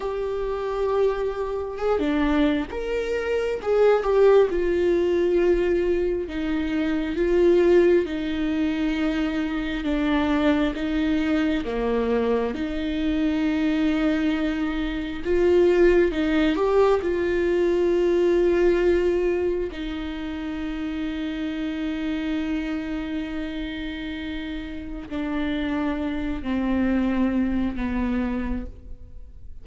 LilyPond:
\new Staff \with { instrumentName = "viola" } { \time 4/4 \tempo 4 = 67 g'2 gis'16 d'8. ais'4 | gis'8 g'8 f'2 dis'4 | f'4 dis'2 d'4 | dis'4 ais4 dis'2~ |
dis'4 f'4 dis'8 g'8 f'4~ | f'2 dis'2~ | dis'1 | d'4. c'4. b4 | }